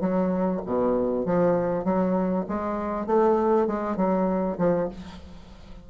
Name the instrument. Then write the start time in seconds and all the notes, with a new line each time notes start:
bassoon
0.00 F#3
0.65 B2
1.25 F3
1.84 F#3
2.48 G#3
3.06 A3
3.67 G#3
3.96 F#3
4.58 F3